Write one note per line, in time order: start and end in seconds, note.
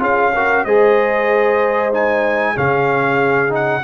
0.00 0.65 C#4
0.00 0.32 F4
0.00 0.33 G#4
0.00 0.65 F5
0.34 0.68 F#4
0.34 0.65 A#4
0.65 2.56 G#3
0.65 1.92 G#4
0.65 2.54 C5
0.65 1.92 D#5
1.92 2.56 D#4
1.92 2.57 G#5
2.54 3.84 C#3
2.54 3.49 C#4
2.54 3.82 G#4
2.54 3.53 F5
3.49 3.81 D#4
3.49 3.84 F#5